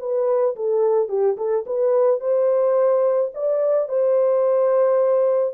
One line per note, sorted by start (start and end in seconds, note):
0.00 0.56 B4
0.56 1.09 A4
1.09 1.37 G4
1.37 1.65 A4
1.66 2.20 B4
2.20 3.32 C5
3.34 3.89 D5
3.89 5.55 C5